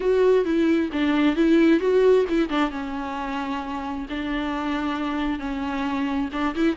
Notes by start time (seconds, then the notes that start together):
0.00 F#4
0.44 E4
0.92 D4
1.35 E4
1.80 F#4
2.29 E4
2.49 D4
2.70 C#4
4.09 D4
5.39 C#4
6.32 D4
6.55 E4